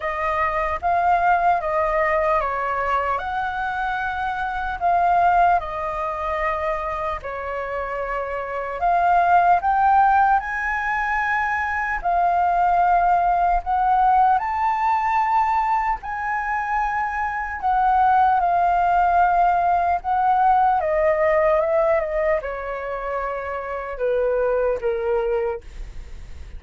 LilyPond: \new Staff \with { instrumentName = "flute" } { \time 4/4 \tempo 4 = 75 dis''4 f''4 dis''4 cis''4 | fis''2 f''4 dis''4~ | dis''4 cis''2 f''4 | g''4 gis''2 f''4~ |
f''4 fis''4 a''2 | gis''2 fis''4 f''4~ | f''4 fis''4 dis''4 e''8 dis''8 | cis''2 b'4 ais'4 | }